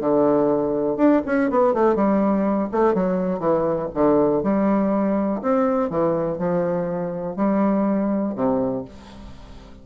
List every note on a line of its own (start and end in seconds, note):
0.00 0.97 D3
0.97 1.21 D4
1.26 1.50 C#4
1.50 1.74 B3
1.74 1.95 A3
1.95 2.69 G3
2.72 2.94 A3
2.94 3.39 F#3
3.39 3.88 E3
3.94 4.43 D3
4.43 5.41 G3
5.42 5.90 C4
5.90 6.38 E3
6.38 7.36 F3
7.36 8.35 G3
8.35 8.85 C3